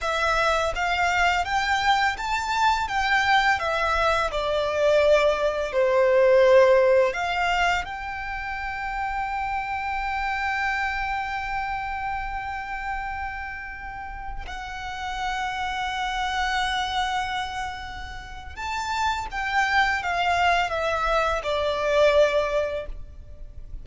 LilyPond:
\new Staff \with { instrumentName = "violin" } { \time 4/4 \tempo 4 = 84 e''4 f''4 g''4 a''4 | g''4 e''4 d''2 | c''2 f''4 g''4~ | g''1~ |
g''1~ | g''16 fis''2.~ fis''8.~ | fis''2 a''4 g''4 | f''4 e''4 d''2 | }